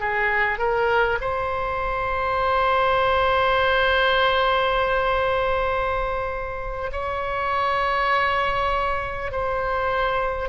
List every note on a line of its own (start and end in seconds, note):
0.00 0.58 G#4
0.58 1.18 A#4
1.21 6.91 C5
6.92 9.32 C#5
9.32 10.49 C5